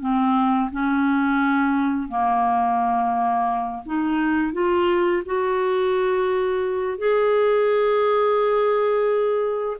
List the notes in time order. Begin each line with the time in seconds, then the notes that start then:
0.00 C4
0.71 C#4
2.08 A#3
3.85 D#4
4.53 F4
5.25 F#4
6.98 G#4